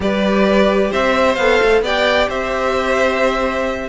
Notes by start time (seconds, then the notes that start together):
0.00 G3 G4 B4 D5
0.91 C4 C5 E5
1.35 B3 A4 F5
1.62 A3
1.81 B3 G4 D5 G5
2.28 C4 C5 E5